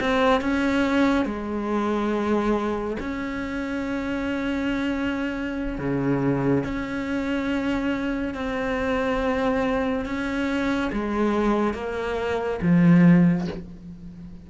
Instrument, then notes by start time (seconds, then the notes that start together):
cello
0.00 C4
0.41 C#4
1.25 G#3
3.00 C#4
5.78 C#3
6.64 C#4
8.34 C4
10.05 C#4
10.92 G#3
11.74 A#3
12.62 F3